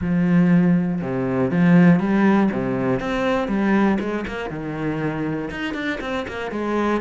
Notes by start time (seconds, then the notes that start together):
0.01 F3
1.01 C3
1.50 F3
1.99 G3
2.52 C3
3.00 C4
3.48 G3
4.00 G#3
4.27 A#3
4.50 D#3
5.50 D#4
5.74 D4
6.00 C4
6.28 A#3
6.51 G#3